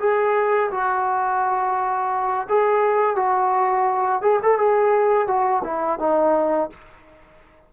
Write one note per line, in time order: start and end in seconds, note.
0.00 0.71 G#4
0.72 2.48 F#4
2.49 3.16 G#4
3.16 4.22 F#4
4.22 4.40 G#4
4.43 4.59 A4
4.59 5.27 G#4
5.27 5.63 F#4
5.64 5.99 E4
5.99 6.70 D#4